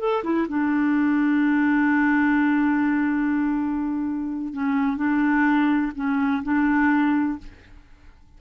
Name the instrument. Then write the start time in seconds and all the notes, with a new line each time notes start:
clarinet
0.00 A4
0.24 E4
0.49 D4
4.54 C#4
4.97 D4
5.96 C#4
6.44 D4